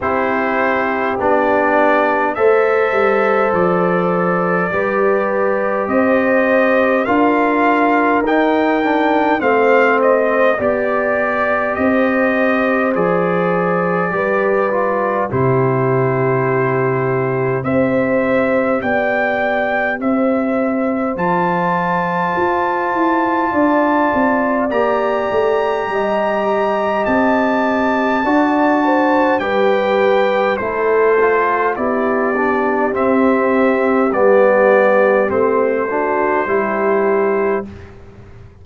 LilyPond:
<<
  \new Staff \with { instrumentName = "trumpet" } { \time 4/4 \tempo 4 = 51 c''4 d''4 e''4 d''4~ | d''4 dis''4 f''4 g''4 | f''8 dis''8 d''4 dis''4 d''4~ | d''4 c''2 e''4 |
g''4 e''4 a''2~ | a''4 ais''2 a''4~ | a''4 g''4 c''4 d''4 | e''4 d''4 c''2 | }
  \new Staff \with { instrumentName = "horn" } { \time 4/4 g'2 c''2 | b'4 c''4 ais'2 | c''4 d''4 c''2 | b'4 g'2 c''4 |
d''4 c''2. | d''2 dis''2 | d''8 c''8 b'4 a'4 g'4~ | g'2~ g'8 fis'8 g'4 | }
  \new Staff \with { instrumentName = "trombone" } { \time 4/4 e'4 d'4 a'2 | g'2 f'4 dis'8 d'8 | c'4 g'2 gis'4 | g'8 f'8 e'2 g'4~ |
g'2 f'2~ | f'4 g'2. | fis'4 g'4 e'8 f'8 e'8 d'8 | c'4 b4 c'8 d'8 e'4 | }
  \new Staff \with { instrumentName = "tuba" } { \time 4/4 c'4 b4 a8 g8 f4 | g4 c'4 d'4 dis'4 | a4 b4 c'4 f4 | g4 c2 c'4 |
b4 c'4 f4 f'8 e'8 | d'8 c'8 ais8 a8 g4 c'4 | d'4 g4 a4 b4 | c'4 g4 a4 g4 | }
>>